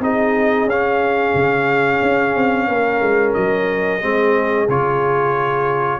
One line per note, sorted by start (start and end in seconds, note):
0.00 0.65 C4
0.00 0.68 D#4
0.00 2.68 G#4
0.00 0.70 D#5
0.65 1.32 C#4
0.65 4.01 C#4
0.65 3.34 F5
1.35 2.01 C#3
2.02 2.35 C#4
2.35 2.68 C4
2.68 3.01 A#3
2.68 4.02 A#4
3.01 3.35 G#3
3.34 4.03 F#3
3.34 4.67 D#5
4.01 4.68 G#3
4.01 4.68 C4
4.01 6.00 G#4
4.68 6.00 C#3
4.68 6.00 F4
4.68 6.00 C#5